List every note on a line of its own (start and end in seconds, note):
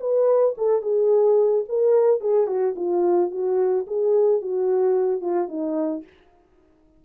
0.00 0.55 B4
0.57 0.82 A4
0.82 1.64 G#4
1.68 2.20 A#4
2.20 2.47 G#4
2.47 2.74 F#4
2.76 3.31 F4
3.31 3.86 F#4
3.87 4.41 G#4
4.41 5.21 F#4
5.21 5.48 F4
5.48 6.03 D#4